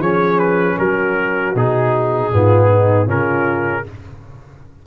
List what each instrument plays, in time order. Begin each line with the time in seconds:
0.00 tuba F3, trombone C#4, horn G#4, trumpet C#5
0.39 trumpet B4
0.76 tuba F#3, horn F#4, trumpet A#4
1.55 tuba B2, trombone D#4, trumpet G#4
2.33 tuba G#2, trombone B3, horn F4
2.69 horn D#4
3.06 tuba C#3, trombone C#4, horn F4, trumpet A#4